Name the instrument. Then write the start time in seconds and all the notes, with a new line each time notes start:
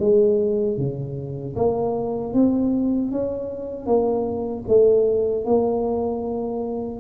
tuba
0.00 G#3
0.78 C#3
1.56 A#3
2.33 C4
3.11 C#4
3.86 A#3
4.68 A3
5.45 A#3